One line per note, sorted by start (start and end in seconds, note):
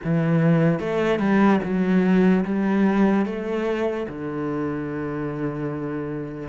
0.04 0.79 E3
0.79 1.19 A3
1.19 1.59 G3
1.63 2.44 F#3
2.45 3.25 G3
3.25 4.07 A3
4.08 6.48 D3